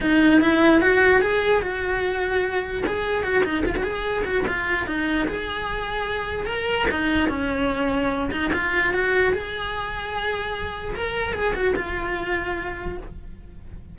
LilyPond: \new Staff \with { instrumentName = "cello" } { \time 4/4 \tempo 4 = 148 dis'4 e'4 fis'4 gis'4 | fis'2. gis'4 | fis'8 dis'8 f'16 fis'16 gis'4 fis'8 f'4 | dis'4 gis'2. |
ais'4 dis'4 cis'2~ | cis'8 dis'8 f'4 fis'4 gis'4~ | gis'2. ais'4 | gis'8 fis'8 f'2. | }